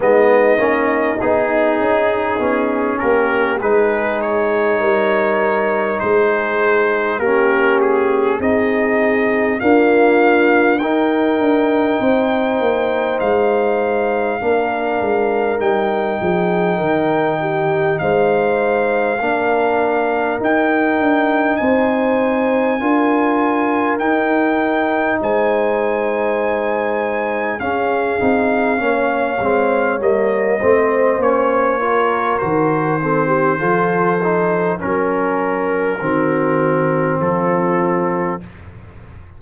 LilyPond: <<
  \new Staff \with { instrumentName = "trumpet" } { \time 4/4 \tempo 4 = 50 dis''4 gis'4. ais'8 b'8 cis''8~ | cis''4 c''4 ais'8 gis'8 dis''4 | f''4 g''2 f''4~ | f''4 g''2 f''4~ |
f''4 g''4 gis''2 | g''4 gis''2 f''4~ | f''4 dis''4 cis''4 c''4~ | c''4 ais'2 a'4 | }
  \new Staff \with { instrumentName = "horn" } { \time 4/4 dis'2~ dis'8 g'8 gis'4 | ais'4 gis'4 g'4 gis'4 | f'4 ais'4 c''2 | ais'4. gis'8 ais'8 g'8 c''4 |
ais'2 c''4 ais'4~ | ais'4 c''2 gis'4 | cis''4. c''4 ais'4 a'16 g'16 | a'4 ais'4 fis'4 f'4 | }
  \new Staff \with { instrumentName = "trombone" } { \time 4/4 b8 cis'8 dis'4 cis'4 dis'4~ | dis'2 cis'4 dis'4 | ais4 dis'2. | d'4 dis'2. |
d'4 dis'2 f'4 | dis'2. cis'8 dis'8 | cis'8 c'8 ais8 c'8 cis'8 f'8 fis'8 c'8 | f'8 dis'8 cis'4 c'2 | }
  \new Staff \with { instrumentName = "tuba" } { \time 4/4 gis8 ais8 b8 cis'8 b8 ais8 gis4 | g4 gis4 ais4 c'4 | d'4 dis'8 d'8 c'8 ais8 gis4 | ais8 gis8 g8 f8 dis4 gis4 |
ais4 dis'8 d'8 c'4 d'4 | dis'4 gis2 cis'8 c'8 | ais8 gis8 g8 a8 ais4 dis4 | f4 fis4 dis4 f4 | }
>>